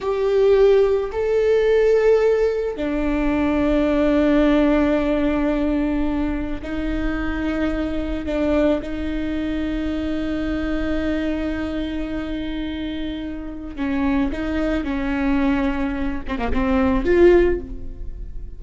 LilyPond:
\new Staff \with { instrumentName = "viola" } { \time 4/4 \tempo 4 = 109 g'2 a'2~ | a'4 d'2.~ | d'1 | dis'2. d'4 |
dis'1~ | dis'1~ | dis'4 cis'4 dis'4 cis'4~ | cis'4. c'16 ais16 c'4 f'4 | }